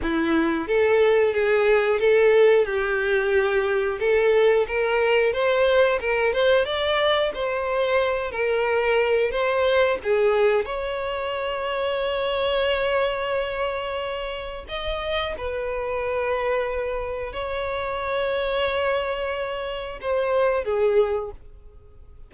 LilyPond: \new Staff \with { instrumentName = "violin" } { \time 4/4 \tempo 4 = 90 e'4 a'4 gis'4 a'4 | g'2 a'4 ais'4 | c''4 ais'8 c''8 d''4 c''4~ | c''8 ais'4. c''4 gis'4 |
cis''1~ | cis''2 dis''4 b'4~ | b'2 cis''2~ | cis''2 c''4 gis'4 | }